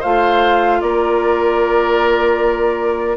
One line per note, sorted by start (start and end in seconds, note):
0.00 0.81 A3
0.00 3.17 F4
0.00 0.79 C5
0.00 0.81 F5
0.81 3.17 A#3
0.81 3.17 A#4
0.81 3.17 D5